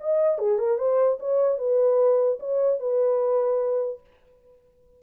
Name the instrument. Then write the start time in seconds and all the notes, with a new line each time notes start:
horn
0.00 D#5
0.38 G#4
0.58 A#4
0.78 C5
1.20 C#5
1.58 B4
2.40 C#5
2.79 B4